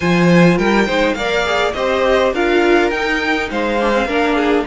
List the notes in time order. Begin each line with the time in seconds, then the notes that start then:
0.00 F3 F4 C5 G#5
0.57 G3 A#4 G5
0.86 G#3 D#4 C5
1.13 A#3 A#4 D5 F5
1.44 G#4
1.73 C4 G4 C5 D#5
2.33 D4 F4 A#4 F5
2.90 D#4 G5
3.50 G#3 C5 F5
3.80 D4
3.92 C4
4.05 A#3 D4 A#4
4.35 G#4